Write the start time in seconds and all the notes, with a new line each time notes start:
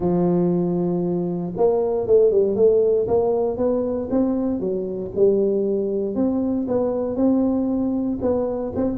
0.00 F3
1.56 A#3
2.07 A3
2.31 G3
2.55 A3
3.07 A#3
3.57 B3
4.10 C4
4.60 F#3
5.15 G3
6.15 C4
6.67 B3
7.16 C4
8.21 B3
8.75 C4